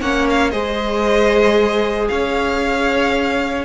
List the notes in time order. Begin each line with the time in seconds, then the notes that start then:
0.00 A#3 C#4 C#5 F#5
0.29 F5
0.50 G#3 G#4 C5 D#5
2.08 C#4 C#5 F5